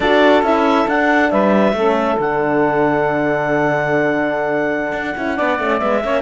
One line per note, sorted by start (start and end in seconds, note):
0.00 0.42 D4
0.00 0.44 F#4
0.00 1.30 A4
0.00 0.43 D5
0.42 0.86 C#4
0.42 0.87 E4
0.42 0.89 E5
0.87 1.31 D4
0.87 1.75 D4
0.87 1.30 F#5
1.30 1.72 G3
1.30 1.75 B4
1.30 2.18 E5
1.72 2.16 A3
1.72 2.20 C#4
1.72 5.35 A4
2.18 4.92 D3
2.18 5.16 D4
2.18 5.78 F#5
4.92 5.14 D4
5.16 5.39 C#4
5.16 5.36 E4
5.35 5.59 B3
5.35 5.58 D4
5.35 6.01 D5
5.59 5.81 A3
5.59 5.80 C#4
5.78 6.03 G#3
5.78 6.02 B3
5.78 6.21 E5
6.02 6.21 A#3
6.02 6.21 C#4
6.02 6.21 C#5